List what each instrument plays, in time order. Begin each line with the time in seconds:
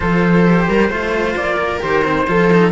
0.00 cello F3 F4, viola A4, trumpet C5
0.45 cello G4
0.68 cello G3, viola A#4
0.89 cello A3 F4, viola C5
1.36 cello A#3, trumpet D5
1.56 viola A#4
1.80 cello D#3 G4, trumpet C5
2.04 cello C4
2.27 cello F3 F4, viola A4
2.52 cello D#4